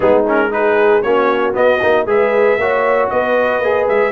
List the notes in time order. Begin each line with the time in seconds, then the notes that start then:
0.00 G#3 B3 D#4 G#4
0.27 C#4 A#4
0.51 D#4 G#4 B4
1.02 A#3 C#4 F#4 C#5
1.53 B3 D#5
1.81 A#3 D#4
2.05 G#3 G#4 B4 E5
2.57 A#3 F#4 C#5
3.09 B3 B4 D#5
3.59 A#3 G#4
3.88 G#3 E5